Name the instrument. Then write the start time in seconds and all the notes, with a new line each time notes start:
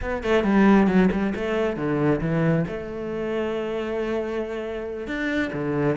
cello
0.01 B3
0.23 A3
0.43 G3
0.87 F#3
1.11 G3
1.35 A3
1.76 D3
2.21 E3
2.67 A3
5.07 D4
5.53 D3